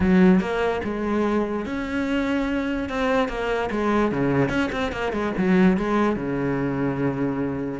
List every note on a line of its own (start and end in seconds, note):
0.00 0.40 F#3
0.40 0.81 A#3
0.83 1.65 G#3
1.65 2.89 C#4
2.89 3.28 C4
3.28 3.69 A#3
3.70 4.11 G#3
4.11 4.49 C#3
4.49 4.69 C#4
4.72 4.91 C4
4.91 5.12 A#3
5.12 5.32 G#3
5.37 5.77 F#3
5.77 6.16 G#3
6.16 7.80 C#3